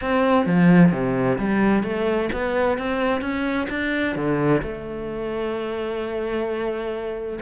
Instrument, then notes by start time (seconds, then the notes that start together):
cello
0.01 C4
0.46 F3
0.91 C3
1.38 G3
1.83 A3
2.33 B3
2.78 C4
3.21 C#4
3.69 D4
4.15 D3
4.62 A3